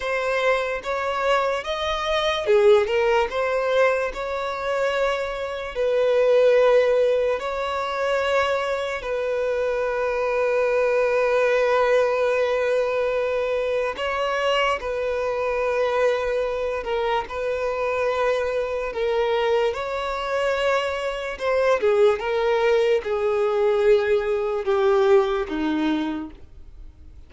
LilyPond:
\new Staff \with { instrumentName = "violin" } { \time 4/4 \tempo 4 = 73 c''4 cis''4 dis''4 gis'8 ais'8 | c''4 cis''2 b'4~ | b'4 cis''2 b'4~ | b'1~ |
b'4 cis''4 b'2~ | b'8 ais'8 b'2 ais'4 | cis''2 c''8 gis'8 ais'4 | gis'2 g'4 dis'4 | }